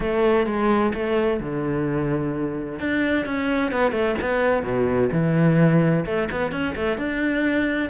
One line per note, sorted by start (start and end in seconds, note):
0.00 0.46 A3
0.46 0.92 G#3
0.93 1.40 A3
1.40 2.79 D3
2.79 3.25 D4
3.25 3.71 C#4
3.71 3.91 B3
3.91 4.15 A3
4.21 4.63 B3
4.63 5.09 B2
5.12 6.05 E3
6.05 6.28 A3
6.31 6.51 B3
6.51 6.74 C#4
6.75 6.97 A3
6.97 7.89 D4